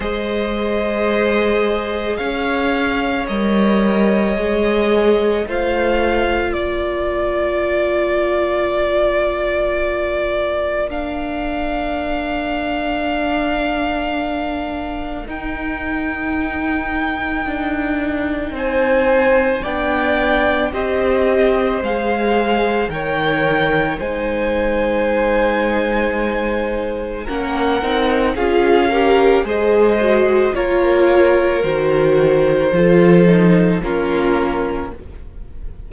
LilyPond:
<<
  \new Staff \with { instrumentName = "violin" } { \time 4/4 \tempo 4 = 55 dis''2 f''4 dis''4~ | dis''4 f''4 d''2~ | d''2 f''2~ | f''2 g''2~ |
g''4 gis''4 g''4 dis''4 | f''4 g''4 gis''2~ | gis''4 fis''4 f''4 dis''4 | cis''4 c''2 ais'4 | }
  \new Staff \with { instrumentName = "violin" } { \time 4/4 c''2 cis''2~ | cis''4 c''4 ais'2~ | ais'1~ | ais'1~ |
ais'4 c''4 d''4 c''4~ | c''4 cis''4 c''2~ | c''4 ais'4 gis'8 ais'8 c''4 | ais'2 a'4 f'4 | }
  \new Staff \with { instrumentName = "viola" } { \time 4/4 gis'2. ais'4 | gis'4 f'2.~ | f'2 d'2~ | d'2 dis'2~ |
dis'2 d'4 g'4 | gis'4 ais'4 dis'2~ | dis'4 cis'8 dis'8 f'8 g'8 gis'8 fis'8 | f'4 fis'4 f'8 dis'8 cis'4 | }
  \new Staff \with { instrumentName = "cello" } { \time 4/4 gis2 cis'4 g4 | gis4 a4 ais2~ | ais1~ | ais2 dis'2 |
d'4 c'4 b4 c'4 | gis4 dis4 gis2~ | gis4 ais8 c'8 cis'4 gis4 | ais4 dis4 f4 ais4 | }
>>